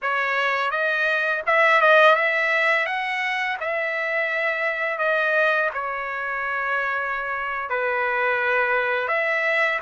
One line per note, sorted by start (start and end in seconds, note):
0.02 0.70 C#5
0.70 1.42 D#5
1.46 1.81 E5
1.81 2.15 D#5
2.15 2.86 E5
2.86 3.57 F#5
3.60 4.98 E5
4.98 5.69 D#5
5.73 7.69 C#5
7.69 9.07 B4
9.07 9.79 E5